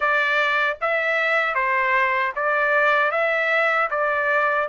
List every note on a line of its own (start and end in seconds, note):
0.00 0.77 D5
0.81 1.54 E5
1.54 2.32 C5
2.35 3.11 D5
3.11 3.89 E5
3.90 4.68 D5